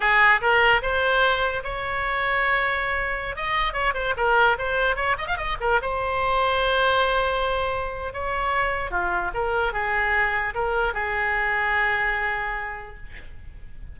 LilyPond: \new Staff \with { instrumentName = "oboe" } { \time 4/4 \tempo 4 = 148 gis'4 ais'4 c''2 | cis''1~ | cis''16 dis''4 cis''8 c''8 ais'4 c''8.~ | c''16 cis''8 dis''16 f''16 dis''8 ais'8 c''4.~ c''16~ |
c''1 | cis''2 f'4 ais'4 | gis'2 ais'4 gis'4~ | gis'1 | }